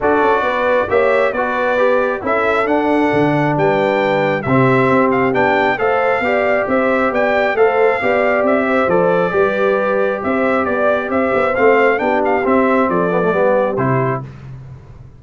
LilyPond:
<<
  \new Staff \with { instrumentName = "trumpet" } { \time 4/4 \tempo 4 = 135 d''2 e''4 d''4~ | d''4 e''4 fis''2 | g''2 e''4. f''8 | g''4 f''2 e''4 |
g''4 f''2 e''4 | d''2. e''4 | d''4 e''4 f''4 g''8 f''8 | e''4 d''2 c''4 | }
  \new Staff \with { instrumentName = "horn" } { \time 4/4 a'4 b'4 cis''4 b'4~ | b'4 a'2. | b'2 g'2~ | g'4 c''4 d''4 c''4 |
d''4 c''4 d''4. c''8~ | c''4 b'2 c''4 | d''4 c''2 g'4~ | g'4 a'4 g'2 | }
  \new Staff \with { instrumentName = "trombone" } { \time 4/4 fis'2 g'4 fis'4 | g'4 e'4 d'2~ | d'2 c'2 | d'4 a'4 g'2~ |
g'4 a'4 g'2 | a'4 g'2.~ | g'2 c'4 d'4 | c'4. b16 a16 b4 e'4 | }
  \new Staff \with { instrumentName = "tuba" } { \time 4/4 d'8 cis'8 b4 ais4 b4~ | b4 cis'4 d'4 d4 | g2 c4 c'4 | b4 a4 b4 c'4 |
b4 a4 b4 c'4 | f4 g2 c'4 | b4 c'8 b8 a4 b4 | c'4 f4 g4 c4 | }
>>